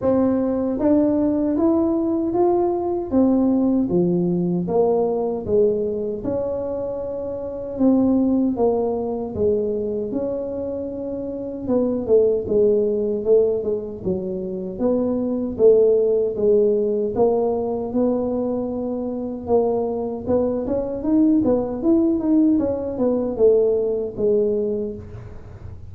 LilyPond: \new Staff \with { instrumentName = "tuba" } { \time 4/4 \tempo 4 = 77 c'4 d'4 e'4 f'4 | c'4 f4 ais4 gis4 | cis'2 c'4 ais4 | gis4 cis'2 b8 a8 |
gis4 a8 gis8 fis4 b4 | a4 gis4 ais4 b4~ | b4 ais4 b8 cis'8 dis'8 b8 | e'8 dis'8 cis'8 b8 a4 gis4 | }